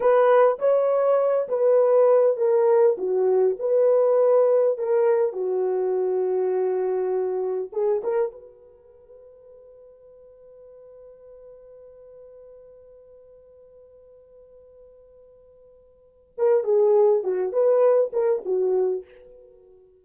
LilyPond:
\new Staff \with { instrumentName = "horn" } { \time 4/4 \tempo 4 = 101 b'4 cis''4. b'4. | ais'4 fis'4 b'2 | ais'4 fis'2.~ | fis'4 gis'8 ais'8 b'2~ |
b'1~ | b'1~ | b'2.~ b'8 ais'8 | gis'4 fis'8 b'4 ais'8 fis'4 | }